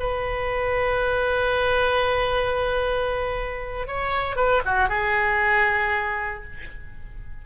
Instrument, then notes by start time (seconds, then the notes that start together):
oboe
0.00 B4
3.87 C#5
4.36 B4
4.66 F#4
4.89 G#4